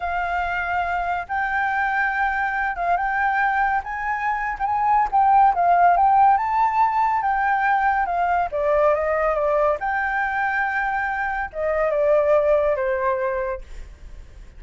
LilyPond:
\new Staff \with { instrumentName = "flute" } { \time 4/4 \tempo 4 = 141 f''2. g''4~ | g''2~ g''8 f''8 g''4~ | g''4 gis''4.~ gis''16 g''16 gis''4 | g''4 f''4 g''4 a''4~ |
a''4 g''2 f''4 | d''4 dis''4 d''4 g''4~ | g''2. dis''4 | d''2 c''2 | }